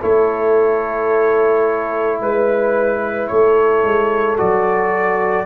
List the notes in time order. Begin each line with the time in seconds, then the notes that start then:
0.00 A3 E4 A4 C#5
2.21 G#3 B4
3.28 A3 A4 C#5
3.84 G#3
4.37 F#3 F#4 D5